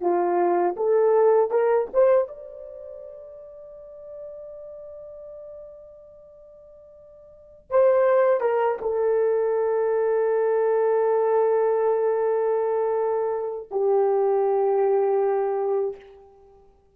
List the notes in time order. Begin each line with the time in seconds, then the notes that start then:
0.00 F4
0.76 A4
1.50 A#4
1.93 C5
2.28 D5
7.70 C5
8.40 A#4
8.81 A4
13.70 G4